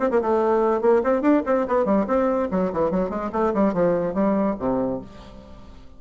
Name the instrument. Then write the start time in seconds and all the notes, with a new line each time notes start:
bassoon
0.00 C4
0.11 A#3
0.22 A3
0.81 A#3
1.04 C4
1.22 D4
1.46 C4
1.68 B3
1.85 G3
2.07 C4
2.51 F#3
2.73 E3
2.91 F#3
3.10 G#3
3.33 A3
3.54 G3
3.74 F3
4.14 G3
4.60 C3